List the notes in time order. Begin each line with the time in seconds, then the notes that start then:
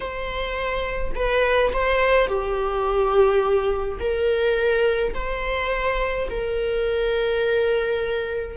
0.00 C5
1.15 B4
1.73 C5
2.27 G4
3.99 A#4
5.14 C5
6.30 A#4